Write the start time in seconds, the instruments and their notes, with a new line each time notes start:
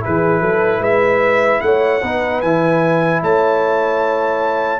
0.00 trombone E4, horn G#4, trumpet B4
0.06 tuba E3
0.40 tuba F#3, horn A4
0.79 tuba G#3, horn B4, trumpet E5
1.61 tuba A3, horn C#5, trumpet F#5
2.02 tuba B3, trombone D#4, horn B4
2.41 tuba E3, trombone E4, trumpet G#5
3.22 tuba A3, horn C#5, trumpet A5